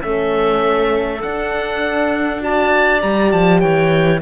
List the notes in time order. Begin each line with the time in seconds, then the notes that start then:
0.00 A3 C#4 A4 E5
1.22 D4 F#5
2.41 F#4 D5 A5
3.01 G3 G4 A#5
3.32 F3 A5
3.60 E3 C#5 G5